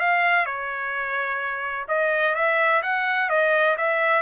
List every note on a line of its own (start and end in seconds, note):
0.00 0.46 F5
0.46 1.87 C#5
1.89 2.35 D#5
2.35 2.82 E5
2.83 3.30 F#5
3.30 3.77 D#5
3.78 4.23 E5